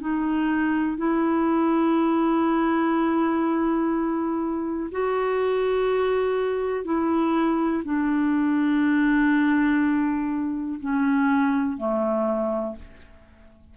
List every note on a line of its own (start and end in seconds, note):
0.00 0.97 D#4
0.97 4.90 E4
4.91 6.85 F#4
6.85 7.83 E4
7.85 10.80 D4
10.80 11.78 C#4
11.78 12.76 A3